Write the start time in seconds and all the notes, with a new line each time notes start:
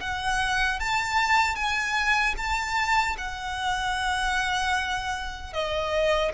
0.00 F#5
0.79 A5
1.55 G#5
2.37 A5
3.17 F#5
5.53 D#5